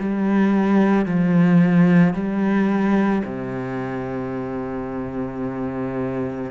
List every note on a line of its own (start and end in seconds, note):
0.00 1.06 G3
1.06 2.14 F3
2.14 3.23 G3
3.25 6.52 C3